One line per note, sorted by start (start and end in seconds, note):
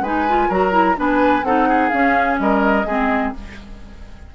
0.00 0.47 G#3
0.00 0.27 D#4
0.00 0.48 B4
0.00 0.50 G#5
0.28 0.51 F4
0.48 0.97 F#3
0.48 0.71 F#4
0.48 0.95 A#4
0.48 0.98 A#5
0.71 0.95 E4
0.95 1.43 B3
0.95 1.43 D4
0.95 1.45 B4
0.95 1.44 G#5
1.43 1.90 C4
1.43 1.92 D#4
1.43 1.68 A4
1.43 1.89 F#5
1.68 2.39 G#4
1.89 2.86 C#4
1.89 2.39 C#4
1.89 2.36 F5
2.39 2.85 G3
2.39 2.86 A#4
2.39 3.33 D#5
2.85 3.32 G#3
2.85 3.35 C4
2.85 3.33 G#4